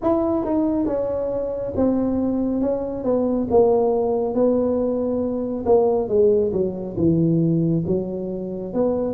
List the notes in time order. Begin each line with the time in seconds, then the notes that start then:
0.02 E4
0.44 D#4
0.86 C#4
1.75 C4
2.61 C#4
3.04 B3
3.50 A#3
4.34 B3
5.65 A#3
6.08 G#3
6.52 F#3
6.96 E3
7.87 F#3
8.73 B3